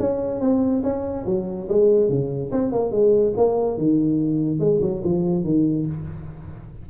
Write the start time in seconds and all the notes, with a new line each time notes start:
0.00 C#4
0.41 C4
0.84 C#4
1.26 F#3
1.69 G#3
2.10 C#3
2.52 C4
2.72 A#3
2.92 G#3
3.37 A#3
3.78 D#3
4.60 G#3
4.82 F#3
5.04 F3
5.44 D#3